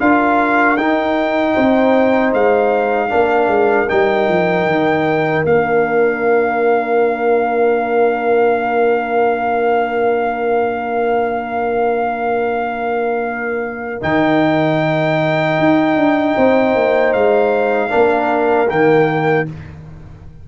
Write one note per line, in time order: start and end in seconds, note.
0.00 0.78 D4
0.00 0.78 F4
0.00 1.54 A#4
0.00 0.77 F5
0.77 1.56 D#4
0.77 3.09 D#4
0.77 2.33 G5
1.54 2.33 C4
1.54 3.09 C5
2.33 3.11 G#3
2.33 3.89 F5
3.09 3.48 A#3
3.09 3.87 D4
3.09 16.35 A#4
3.48 3.87 G#3
3.89 4.29 G3
3.89 5.45 D#4
3.89 5.45 G5
4.29 4.66 F3
4.66 5.44 D#3
5.45 14.02 A#3
5.45 14.02 D4
5.45 14.03 F5
14.02 15.59 D#3
14.02 17.90 D#4
14.02 17.13 G5
15.59 15.96 D#4
15.96 16.35 D4
16.36 16.76 C4
16.36 17.90 C5
16.76 17.15 A#3
17.13 17.93 G#3
17.13 18.69 F5
17.90 18.71 A#3
17.90 18.68 D4
17.90 19.46 A#4
18.68 19.49 D#3
18.68 19.46 A#3
18.68 19.48 G5